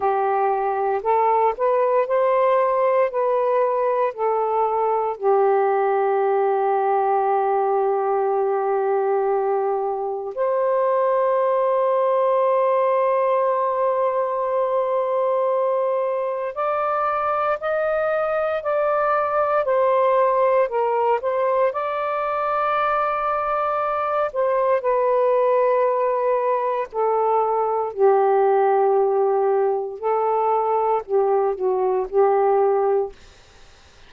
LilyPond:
\new Staff \with { instrumentName = "saxophone" } { \time 4/4 \tempo 4 = 58 g'4 a'8 b'8 c''4 b'4 | a'4 g'2.~ | g'2 c''2~ | c''1 |
d''4 dis''4 d''4 c''4 | ais'8 c''8 d''2~ d''8 c''8 | b'2 a'4 g'4~ | g'4 a'4 g'8 fis'8 g'4 | }